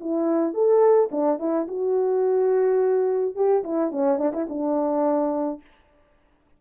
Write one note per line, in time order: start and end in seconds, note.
0.00 0.54 E4
0.54 1.10 A4
1.11 1.39 D4
1.39 1.67 E4
1.68 3.35 F#4
3.35 3.63 G4
3.64 3.91 E4
3.91 4.18 C#4
4.18 4.32 D4
4.33 4.47 E4
4.49 5.61 D4